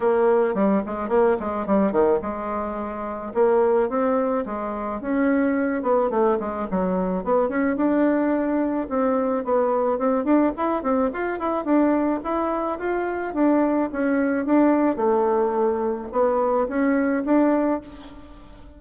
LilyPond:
\new Staff \with { instrumentName = "bassoon" } { \time 4/4 \tempo 4 = 108 ais4 g8 gis8 ais8 gis8 g8 dis8 | gis2 ais4 c'4 | gis4 cis'4. b8 a8 gis8 | fis4 b8 cis'8 d'2 |
c'4 b4 c'8 d'8 e'8 c'8 | f'8 e'8 d'4 e'4 f'4 | d'4 cis'4 d'4 a4~ | a4 b4 cis'4 d'4 | }